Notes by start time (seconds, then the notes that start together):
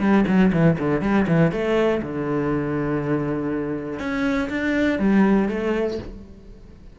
0.00 G3
0.28 F#3
0.53 E3
0.79 D3
1.02 G3
1.28 E3
1.52 A3
2.03 D3
4.00 C#4
4.50 D4
4.99 G3
5.49 A3